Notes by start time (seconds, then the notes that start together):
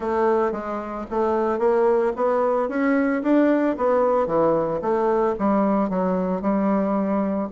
0.00 A3
0.52 G#3
1.10 A3
1.58 A#3
2.16 B3
2.69 C#4
3.22 D4
3.77 B3
4.27 E3
4.81 A3
5.38 G3
5.89 F#3
6.41 G3